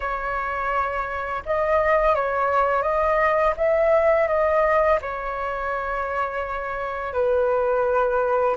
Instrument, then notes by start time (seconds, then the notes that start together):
flute
0.00 C#5
1.45 D#5
2.15 C#5
2.82 D#5
3.56 E5
4.27 D#5
5.01 C#5
7.13 B4